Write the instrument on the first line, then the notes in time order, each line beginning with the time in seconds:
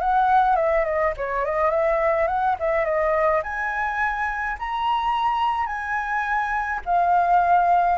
flute
0.00 F#5
0.56 E5
0.85 D#5
1.17 C#5
1.45 D#5
1.71 E5
2.28 F#5
2.59 E5
2.85 D#5
3.43 G#5
4.59 A#5
5.66 G#5
6.85 F5